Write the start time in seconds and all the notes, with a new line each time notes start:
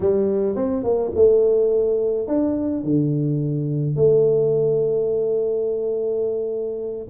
0.00 G3
0.55 C4
0.83 A#3
1.15 A3
2.27 D4
2.83 D3
3.96 A3